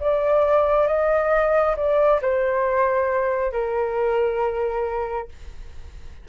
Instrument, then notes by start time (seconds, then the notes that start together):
flute
0.00 D5
0.87 D#5
1.76 D5
2.22 C5
3.52 A#4